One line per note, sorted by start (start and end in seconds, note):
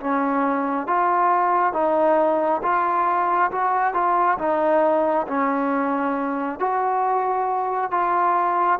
0.00 0.87 C#4
0.87 1.73 F4
1.73 2.61 D#4
2.63 3.51 F4
3.51 3.93 F#4
3.93 4.38 F4
4.38 5.26 D#4
5.27 6.59 C#4
6.59 7.91 F#4
7.91 8.79 F4